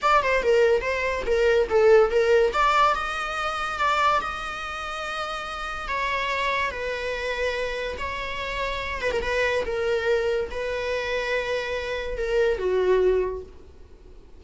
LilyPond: \new Staff \with { instrumentName = "viola" } { \time 4/4 \tempo 4 = 143 d''8 c''8 ais'4 c''4 ais'4 | a'4 ais'4 d''4 dis''4~ | dis''4 d''4 dis''2~ | dis''2 cis''2 |
b'2. cis''4~ | cis''4. b'16 ais'16 b'4 ais'4~ | ais'4 b'2.~ | b'4 ais'4 fis'2 | }